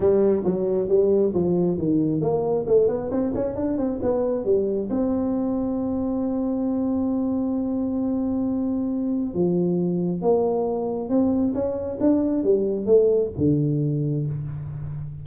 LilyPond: \new Staff \with { instrumentName = "tuba" } { \time 4/4 \tempo 4 = 135 g4 fis4 g4 f4 | dis4 ais4 a8 b8 c'8 cis'8 | d'8 c'8 b4 g4 c'4~ | c'1~ |
c'1~ | c'4 f2 ais4~ | ais4 c'4 cis'4 d'4 | g4 a4 d2 | }